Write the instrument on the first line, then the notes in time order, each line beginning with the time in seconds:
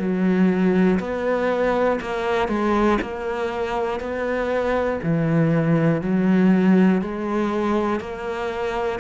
cello
0.00 F#3
1.00 B3
2.01 A#3
2.49 G#3
3.02 A#3
4.00 B3
5.03 E3
6.02 F#3
7.02 G#3
8.01 A#3